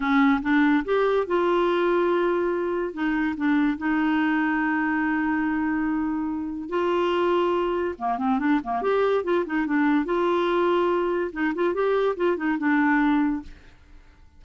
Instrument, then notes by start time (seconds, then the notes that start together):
clarinet
0.00 C#4
0.42 D4
0.84 G4
1.26 F4
2.93 D#4
3.37 D4
3.77 D#4
6.69 F4
7.98 A#3
8.18 C4
8.39 D4
8.63 A#3
8.82 G4
9.23 F4
9.46 D#4
9.66 D4
10.05 F4
11.32 D#4
11.54 F4
11.73 G4
12.16 F4
12.36 D#4
12.58 D4